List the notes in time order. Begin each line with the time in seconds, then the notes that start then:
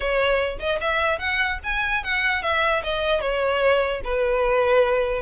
0.00 C#5
0.59 D#5
0.81 E5
1.18 F#5
1.63 G#5
2.03 F#5
2.42 E5
2.83 D#5
3.20 C#5
4.04 B4